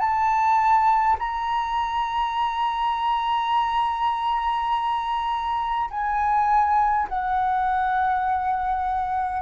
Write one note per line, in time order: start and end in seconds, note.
0.00 1.18 A5
1.19 5.90 A#5
5.91 7.09 G#5
7.09 9.43 F#5